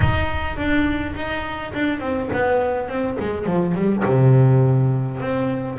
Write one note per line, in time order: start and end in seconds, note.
0.00 0.56 D#4
0.56 1.14 D4
1.15 1.72 D#4
1.73 2.00 D4
2.00 2.29 C4
2.32 2.88 B3
2.88 3.17 C4
3.19 3.46 G#3
3.46 3.74 F3
3.74 4.03 G3
4.04 5.20 C3
5.20 5.77 C4